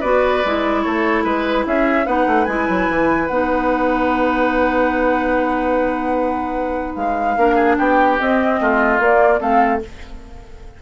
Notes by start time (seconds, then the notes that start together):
0.00 B3 F#4 B4 D5
0.45 G#3 E4
0.82 A3 A4 C#5
1.24 G#3 B4
1.66 C#4 G#4 E5
2.06 B3 D#4 B4 F#5
2.27 A3
2.45 G#3 E4 G#5
2.69 F#3
2.89 E3
3.27 B3 D#4 F#5
6.95 G#3 F5
7.37 A#3 D4 A#4
7.55 G#4
7.78 B3 G4 G5
8.19 C4 D#5
8.60 A3 F4
8.99 A#3 D5
9.40 A3 C4 A4 F5